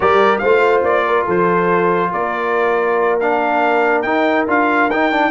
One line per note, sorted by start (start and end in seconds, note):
0.00 0.41 G3
0.00 0.42 G4
0.00 0.40 A#4
0.00 0.38 D5
0.38 0.83 A3
0.38 1.04 C5
0.38 0.81 F5
0.44 3.20 F4
0.83 1.25 A#3
0.83 1.26 D5
1.07 1.25 A#4
1.25 2.12 F3
1.25 2.11 A4
1.25 2.12 C5
2.11 4.03 A#3
2.11 5.30 A#4
2.11 3.19 D5
3.20 4.05 D4
3.20 4.02 F5
4.02 4.46 D#4
4.02 4.47 D#4
4.02 4.44 G5
4.47 4.89 D4
4.47 4.90 F4
4.47 4.90 F5
4.89 5.30 D#4
4.89 5.12 D#4
4.89 5.30 G5
5.12 5.30 D4